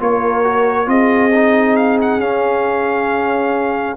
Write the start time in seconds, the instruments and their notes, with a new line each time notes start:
0.00 tuba A#3, trombone F4, horn A#4, trumpet C#5
0.44 trombone F#4
0.86 tuba C4, trombone F4, horn G#4, trumpet D#5
1.34 trombone D#4
1.76 trumpet F5
2.01 trumpet F#5
2.19 tuba C#4, trombone C#4, trumpet F5